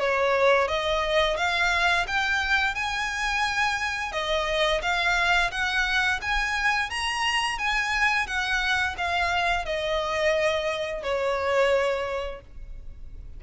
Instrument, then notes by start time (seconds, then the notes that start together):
violin
0.00 C#5
0.68 D#5
1.37 F5
2.08 G5
2.75 G#5
4.13 D#5
4.82 F5
5.52 F#5
6.22 G#5
6.90 A#5
7.59 G#5
8.27 F#5
8.98 F5
9.66 D#5
11.03 C#5